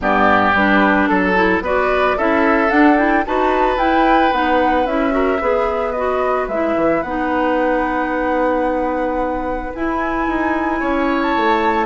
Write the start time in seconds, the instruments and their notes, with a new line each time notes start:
0.00 bassoon G2, clarinet B3, oboe G4, flute D5
0.54 bassoon G3, clarinet D4, flute B4
1.06 bassoon F#3, flute A4, oboe A4
1.35 clarinet E4
1.60 bassoon B3, clarinet F#4, oboe B4, flute D5
2.17 bassoon C#4, clarinet E4, oboe A4, flute E5
2.69 clarinet D4, bassoon D4, flute F#5
2.97 clarinet E4, flute G5
3.25 bassoon D#4, clarinet F#4, oboe B4, flute A5
3.77 bassoon E4, clarinet E4, flute G5
4.32 bassoon B3, clarinet D#4, flute F#5
4.85 bassoon C#4, clarinet E4, flute E5
5.10 clarinet F#4, oboe A#4
5.40 bassoon B3, clarinet G#4, oboe B4
5.92 clarinet F#4, flute D#5
6.48 bassoon G#3, clarinet E4, flute E5
6.76 bassoon E3
7.02 bassoon B3, clarinet D#4, flute F#5
9.74 clarinet E4, bassoon E4, flute G#5
10.27 bassoon D#4
10.79 bassoon C#4, oboe C#5
11.22 flute A5
11.36 bassoon A3